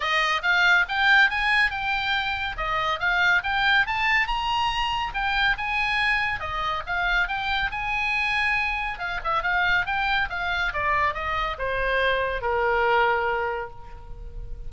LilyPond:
\new Staff \with { instrumentName = "oboe" } { \time 4/4 \tempo 4 = 140 dis''4 f''4 g''4 gis''4 | g''2 dis''4 f''4 | g''4 a''4 ais''2 | g''4 gis''2 dis''4 |
f''4 g''4 gis''2~ | gis''4 f''8 e''8 f''4 g''4 | f''4 d''4 dis''4 c''4~ | c''4 ais'2. | }